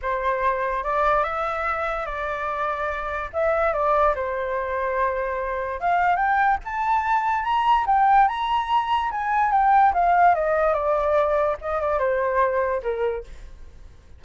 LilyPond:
\new Staff \with { instrumentName = "flute" } { \time 4/4 \tempo 4 = 145 c''2 d''4 e''4~ | e''4 d''2. | e''4 d''4 c''2~ | c''2 f''4 g''4 |
a''2 ais''4 g''4 | ais''2 gis''4 g''4 | f''4 dis''4 d''2 | dis''8 d''8 c''2 ais'4 | }